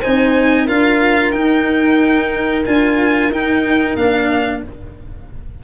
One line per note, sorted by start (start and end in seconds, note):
0.00 0.69 C4
0.00 0.67 D#4
0.00 0.65 C5
0.00 0.67 G#5
0.65 1.34 D4
0.65 1.33 F4
0.65 4.61 A#4
0.65 1.31 F5
1.31 2.65 D#4
1.31 2.63 G5
2.66 3.29 D4
2.66 3.32 F4
2.66 3.31 G#5
3.29 3.95 D#4
3.29 3.97 D#4
3.29 3.96 G5
3.95 4.61 A#3
3.95 4.63 D4
3.95 4.62 F5